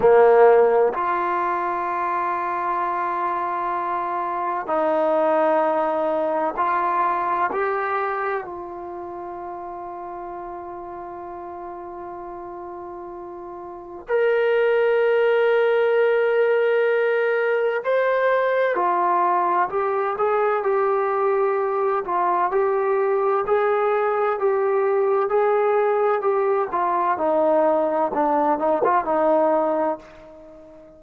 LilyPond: \new Staff \with { instrumentName = "trombone" } { \time 4/4 \tempo 4 = 64 ais4 f'2.~ | f'4 dis'2 f'4 | g'4 f'2.~ | f'2. ais'4~ |
ais'2. c''4 | f'4 g'8 gis'8 g'4. f'8 | g'4 gis'4 g'4 gis'4 | g'8 f'8 dis'4 d'8 dis'16 f'16 dis'4 | }